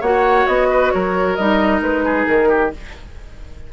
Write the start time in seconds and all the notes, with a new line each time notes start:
0.00 A#3 F#4 C#5 F#5
0.46 B3 D#5
0.70 B4
0.91 F#3 A#4 C#5
1.35 G3 D#4 D#5
1.81 G#3 B4
2.05 G#4
2.26 D#3 A#4
2.48 G4